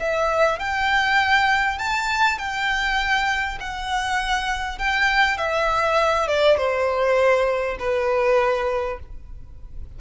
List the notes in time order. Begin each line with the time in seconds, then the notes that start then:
0.00 E5
0.59 G5
1.79 A5
2.39 G5
3.60 F#5
4.79 G5
5.38 E5
6.28 D5
6.58 C5
7.79 B4